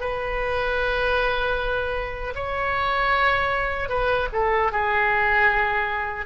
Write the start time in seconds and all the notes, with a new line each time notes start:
0.00 B4
2.34 C#5
3.89 B4
4.32 A4
4.72 G#4